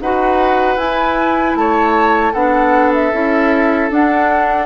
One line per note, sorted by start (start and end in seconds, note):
0.00 0.76 D#4
0.00 0.77 F#4
0.00 1.58 B4
0.00 0.78 F#5
0.76 1.54 E4
0.76 2.32 E4
0.76 1.56 G#5
1.55 2.32 A3
1.55 2.33 C#5
1.55 2.33 A5
2.33 3.12 B3
2.33 3.12 D4
2.33 4.66 A4
2.33 2.92 F#5
2.93 3.90 E5
3.12 3.90 C#4
3.12 3.90 E4
3.90 4.66 D4
3.90 4.66 F#5